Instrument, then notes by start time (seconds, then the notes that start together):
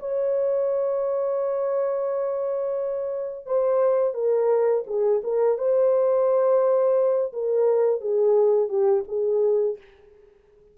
horn
0.00 C#5
3.47 C5
4.14 A#4
4.87 G#4
5.24 A#4
5.58 C5
7.33 A#4
8.01 G#4
8.70 G4
9.09 G#4